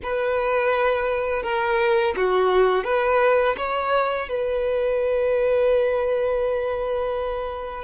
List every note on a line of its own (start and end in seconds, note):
0.02 1.43 B4
1.43 2.14 A#4
2.16 2.84 F#4
2.84 3.55 B4
3.57 4.28 C#5
4.28 7.84 B4